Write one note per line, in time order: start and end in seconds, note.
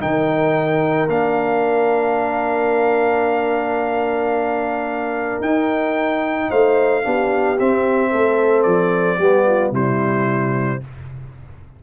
0.00 1.07 D#3
0.00 1.08 D#4
0.00 6.49 A#4
0.00 1.09 G5
1.07 5.40 A#3
1.07 5.43 D4
1.07 5.42 F5
5.41 6.49 D#4
5.41 7.03 D#4
5.41 6.50 G5
6.49 7.06 A3
6.49 7.03 C5
6.49 7.59 F5
7.03 7.60 B3
7.03 7.57 D4
7.03 8.11 G4
7.59 9.20 C4
7.59 8.13 C4
7.59 8.62 E5
8.11 8.66 A3
8.11 9.19 A4
8.62 9.19 F3
8.62 9.71 D5
9.19 9.71 G3
9.19 9.73 B3
9.19 9.46 G4
9.46 9.73 F4
9.71 10.79 C3
9.71 10.81 G3
9.71 10.81 E4
9.71 10.83 C5